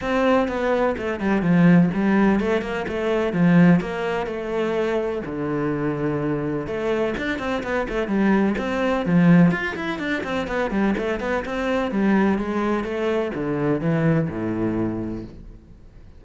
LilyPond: \new Staff \with { instrumentName = "cello" } { \time 4/4 \tempo 4 = 126 c'4 b4 a8 g8 f4 | g4 a8 ais8 a4 f4 | ais4 a2 d4~ | d2 a4 d'8 c'8 |
b8 a8 g4 c'4 f4 | f'8 e'8 d'8 c'8 b8 g8 a8 b8 | c'4 g4 gis4 a4 | d4 e4 a,2 | }